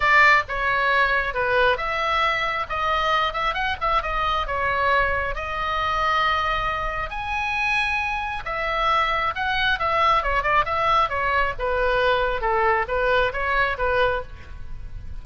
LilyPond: \new Staff \with { instrumentName = "oboe" } { \time 4/4 \tempo 4 = 135 d''4 cis''2 b'4 | e''2 dis''4. e''8 | fis''8 e''8 dis''4 cis''2 | dis''1 |
gis''2. e''4~ | e''4 fis''4 e''4 cis''8 d''8 | e''4 cis''4 b'2 | a'4 b'4 cis''4 b'4 | }